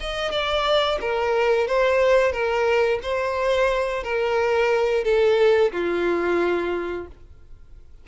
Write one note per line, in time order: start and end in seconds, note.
0.00 0.31 D#5
0.31 0.98 D5
1.00 1.67 A#4
1.67 2.32 C5
2.32 2.99 A#4
3.02 4.03 C5
4.03 5.04 A#4
5.04 5.72 A4
5.72 7.07 F4